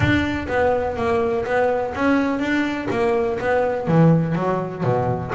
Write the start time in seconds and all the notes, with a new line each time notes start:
0.00 D4
0.48 B3
0.96 A#3
1.45 B3
1.94 C#4
2.39 D4
2.90 A#3
3.39 B3
3.87 E3
4.35 F#3
4.83 B2